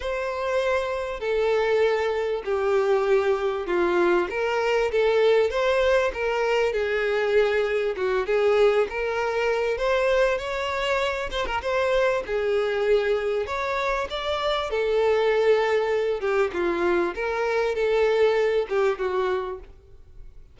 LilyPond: \new Staff \with { instrumentName = "violin" } { \time 4/4 \tempo 4 = 98 c''2 a'2 | g'2 f'4 ais'4 | a'4 c''4 ais'4 gis'4~ | gis'4 fis'8 gis'4 ais'4. |
c''4 cis''4. c''16 ais'16 c''4 | gis'2 cis''4 d''4 | a'2~ a'8 g'8 f'4 | ais'4 a'4. g'8 fis'4 | }